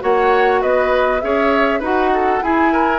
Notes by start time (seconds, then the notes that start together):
0.00 A#3 F#4 C#5 F#5
0.61 B3 B4 D#5
1.21 C#4 G#4 C#5 E5
1.79 D#4 F#4 B4 F#5
2.13 A4
2.42 E4 G#4 G#5
2.72 A#4